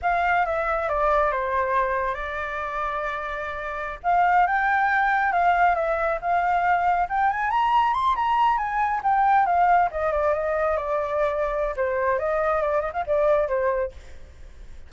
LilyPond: \new Staff \with { instrumentName = "flute" } { \time 4/4 \tempo 4 = 138 f''4 e''4 d''4 c''4~ | c''4 d''2.~ | d''4~ d''16 f''4 g''4.~ g''16~ | g''16 f''4 e''4 f''4.~ f''16~ |
f''16 g''8 gis''8 ais''4 c'''8 ais''4 gis''16~ | gis''8. g''4 f''4 dis''8 d''8 dis''16~ | dis''8. d''2~ d''16 c''4 | dis''4 d''8 dis''16 f''16 d''4 c''4 | }